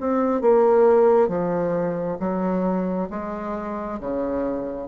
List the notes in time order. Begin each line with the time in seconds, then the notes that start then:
0.00 C4
0.41 A#3
1.28 F3
2.19 F#3
3.10 G#3
4.00 C#3